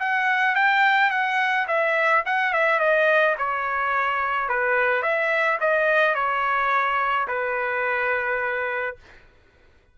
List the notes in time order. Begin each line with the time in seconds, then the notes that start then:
0.00 F#5
0.56 G5
1.11 F#5
1.68 E5
2.26 F#5
2.54 E5
2.80 D#5
3.38 C#5
4.49 B4
5.03 E5
5.61 D#5
6.15 C#5
7.28 B4